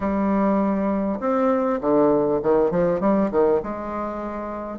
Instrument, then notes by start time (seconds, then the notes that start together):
bassoon
0.00 G3
1.19 C4
1.80 D3
2.42 D#3
2.71 F3
3.00 G3
3.31 D#3
3.62 G#3